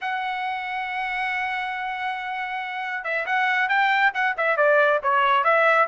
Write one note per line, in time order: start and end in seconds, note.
0.01 3.04 F#5
3.04 3.25 E5
3.25 3.68 F#5
3.68 4.12 G5
4.14 4.36 F#5
4.37 4.57 E5
4.57 5.00 D5
5.02 5.43 C#5
5.43 5.87 E5